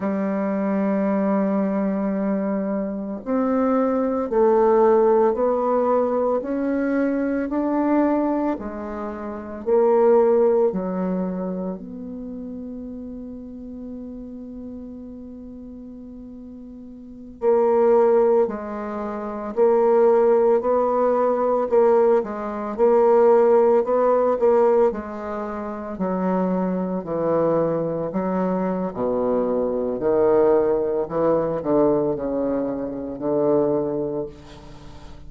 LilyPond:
\new Staff \with { instrumentName = "bassoon" } { \time 4/4 \tempo 4 = 56 g2. c'4 | a4 b4 cis'4 d'4 | gis4 ais4 fis4 b4~ | b1~ |
b16 ais4 gis4 ais4 b8.~ | b16 ais8 gis8 ais4 b8 ais8 gis8.~ | gis16 fis4 e4 fis8. b,4 | dis4 e8 d8 cis4 d4 | }